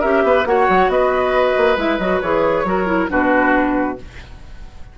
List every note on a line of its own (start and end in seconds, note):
0.00 0.23 C#4
0.00 0.46 G4
0.00 0.22 A#4
0.00 0.45 E5
0.23 0.45 B3
0.23 0.48 B4
0.45 0.67 A#3
0.45 1.77 F#4
0.45 0.92 C#5
0.45 0.90 F#5
0.69 0.88 F#3
0.88 1.54 B3
0.88 2.67 B4
0.88 1.77 D#5
1.57 1.76 A#3
1.76 1.98 G#3
1.76 1.99 E4
1.76 1.98 E5
1.98 2.21 F#3
1.98 2.22 F#4
1.98 2.20 D#5
2.21 2.64 E3
2.21 2.65 G#4
2.21 3.08 C#5
2.64 3.08 F#3
2.64 2.86 F#4
2.64 3.11 A#4
2.86 3.08 E4
3.08 3.98 B2
3.08 3.96 D4
3.08 3.98 F#4
3.08 3.98 B4